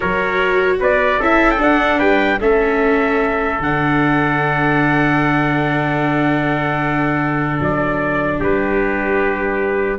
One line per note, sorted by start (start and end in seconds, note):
0.00 0.81 F#3
0.00 1.20 F#4
0.00 0.77 A#4
0.00 0.80 C#5
0.79 1.20 B3
0.79 1.19 B4
0.79 1.22 D5
1.19 1.60 C#4
1.19 1.58 E4
1.19 1.98 A4
1.19 1.51 E5
1.51 1.61 G5
1.58 2.38 D4
1.58 2.00 D4
1.58 1.99 F#5
1.98 2.40 G3
1.98 2.38 B4
1.98 2.39 G5
2.40 3.59 A3
2.40 3.61 C#4
2.40 8.39 A4
2.40 3.62 E5
3.59 7.59 D3
3.59 9.99 D4
3.59 7.62 F#5
7.60 8.40 F#3
7.60 8.42 D5
8.39 9.99 G3
8.39 9.99 G4
8.39 9.99 B4